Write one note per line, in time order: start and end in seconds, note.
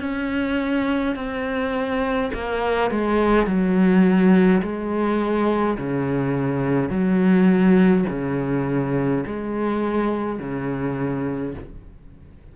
0.00 1.15 C#4
1.15 2.31 C4
2.33 2.91 A#3
2.91 3.46 G#3
3.46 4.62 F#3
4.62 5.77 G#3
5.77 6.89 C#3
6.89 8.05 F#3
8.09 9.24 C#3
9.26 10.39 G#3
10.39 11.54 C#3